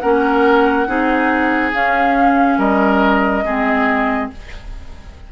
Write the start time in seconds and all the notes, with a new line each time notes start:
0.00 A#3 C#4 A#4 F#5
0.87 C4 D#4 G#4
1.73 C#4 F5
2.58 G3 A#4 D#5
3.44 G#3 C4 G#4